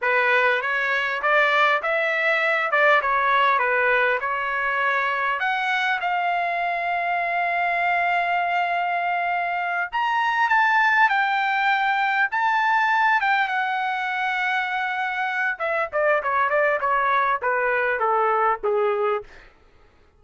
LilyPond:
\new Staff \with { instrumentName = "trumpet" } { \time 4/4 \tempo 4 = 100 b'4 cis''4 d''4 e''4~ | e''8 d''8 cis''4 b'4 cis''4~ | cis''4 fis''4 f''2~ | f''1~ |
f''8 ais''4 a''4 g''4.~ | g''8 a''4. g''8 fis''4.~ | fis''2 e''8 d''8 cis''8 d''8 | cis''4 b'4 a'4 gis'4 | }